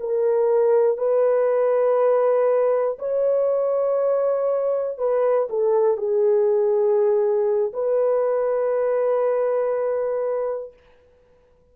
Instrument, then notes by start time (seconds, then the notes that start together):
horn
0.00 A#4
0.98 B4
2.99 C#5
4.98 B4
5.50 A4
5.97 G#4
7.74 B4